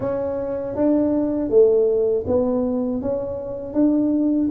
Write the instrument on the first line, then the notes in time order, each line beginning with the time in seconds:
tuba
0.00 C#4
0.75 D4
1.49 A3
2.26 B3
3.01 C#4
3.73 D4